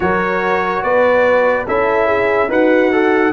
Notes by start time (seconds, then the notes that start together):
0.00 F#3 F#4 A#4 C#5
0.82 B3 B4 D5
1.67 C#4 E4 A4 E5
2.06 G#4
2.47 D#4 F#4 B4 F#5
2.91 A4